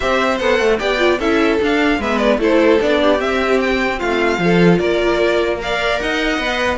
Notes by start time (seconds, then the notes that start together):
0.00 C4 G4 C5 E5
0.38 B3 A4 F#5
0.59 A3
0.78 B3 G4 D5 G5
0.98 F4
1.18 C#4 E4 A4 E5
1.61 D4 F5
1.98 G#3 B3 B4 E5
2.18 D5
2.38 A3 E4 A4 C5
2.80 B3 D4 D5
3.02 G4
3.18 C4 E5
3.59 G5
3.98 A3 F4 F5
4.38 F3 F4 A4
4.78 A#3 A#4 D5
5.58 A#4 D5 F5
5.99 D#4 D#5 F#5
6.38 B3 B4